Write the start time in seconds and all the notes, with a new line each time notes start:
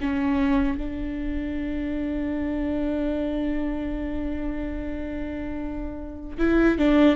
0.00 C#4
0.77 D4
6.38 E4
6.78 D4